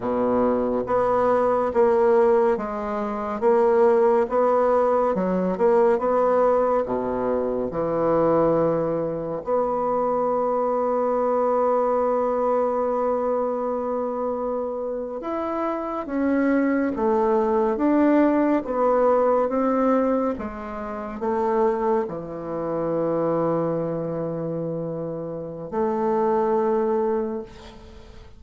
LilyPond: \new Staff \with { instrumentName = "bassoon" } { \time 4/4 \tempo 4 = 70 b,4 b4 ais4 gis4 | ais4 b4 fis8 ais8 b4 | b,4 e2 b4~ | b1~ |
b4.~ b16 e'4 cis'4 a16~ | a8. d'4 b4 c'4 gis16~ | gis8. a4 e2~ e16~ | e2 a2 | }